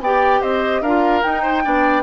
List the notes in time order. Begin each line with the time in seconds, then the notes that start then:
0.00 B3 G4 D5 G5
0.41 C4 C5 D#5
0.82 D4 F4 A#4 F5
1.23 D#4 G5
1.43 C5
1.63 B3 D4 D5